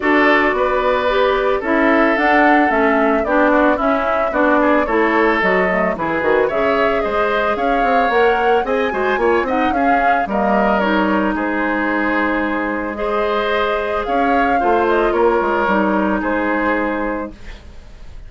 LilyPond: <<
  \new Staff \with { instrumentName = "flute" } { \time 4/4 \tempo 4 = 111 d''2. e''4 | fis''4 e''4 d''4 e''4 | d''4 cis''4 dis''4 b'4 | e''4 dis''4 f''4 fis''4 |
gis''4. fis''8 f''4 dis''4 | cis''4 c''2. | dis''2 f''4. dis''8 | cis''2 c''2 | }
  \new Staff \with { instrumentName = "oboe" } { \time 4/4 a'4 b'2 a'4~ | a'2 g'8 fis'8 e'4 | fis'8 gis'8 a'2 gis'4 | cis''4 c''4 cis''2 |
dis''8 c''8 cis''8 dis''8 gis'4 ais'4~ | ais'4 gis'2. | c''2 cis''4 c''4 | ais'2 gis'2 | }
  \new Staff \with { instrumentName = "clarinet" } { \time 4/4 fis'2 g'4 e'4 | d'4 cis'4 d'4 cis'4 | d'4 e'4 fis'8 a8 e'8 fis'8 | gis'2. ais'4 |
gis'8 fis'8 f'8 dis'8 cis'4 ais4 | dis'1 | gis'2. f'4~ | f'4 dis'2. | }
  \new Staff \with { instrumentName = "bassoon" } { \time 4/4 d'4 b2 cis'4 | d'4 a4 b4 cis'4 | b4 a4 fis4 e8 dis8 | cis4 gis4 cis'8 c'8 ais4 |
c'8 gis8 ais8 c'8 cis'4 g4~ | g4 gis2.~ | gis2 cis'4 a4 | ais8 gis8 g4 gis2 | }
>>